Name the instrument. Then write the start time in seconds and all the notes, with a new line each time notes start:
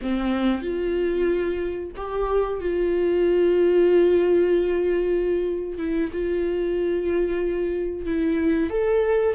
viola
0.01 C4
0.62 F4
1.96 G4
2.60 F4
5.78 E4
6.12 F4
8.05 E4
8.69 A4